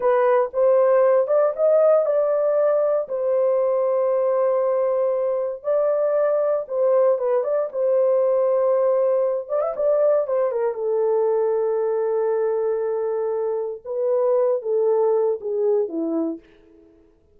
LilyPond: \new Staff \with { instrumentName = "horn" } { \time 4/4 \tempo 4 = 117 b'4 c''4. d''8 dis''4 | d''2 c''2~ | c''2. d''4~ | d''4 c''4 b'8 d''8 c''4~ |
c''2~ c''8 d''16 e''16 d''4 | c''8 ais'8 a'2.~ | a'2. b'4~ | b'8 a'4. gis'4 e'4 | }